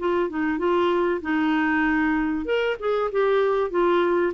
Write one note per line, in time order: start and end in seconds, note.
0.00 0.30 F4
0.30 0.59 D#4
0.59 1.21 F4
1.22 2.45 D#4
2.45 2.77 A#4
2.80 3.11 G#4
3.12 3.71 G4
3.71 4.33 F4